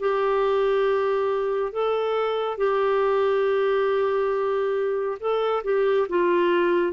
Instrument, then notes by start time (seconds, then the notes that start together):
clarinet
0.00 G4
1.72 A4
2.57 G4
5.20 A4
5.64 G4
6.09 F4